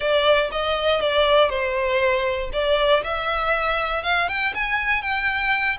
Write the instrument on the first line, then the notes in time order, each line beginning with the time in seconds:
violin
0.00 D5
0.51 D#5
1.00 D5
1.49 C5
2.52 D5
3.03 E5
4.03 F5
4.28 G5
4.54 G#5
5.01 G5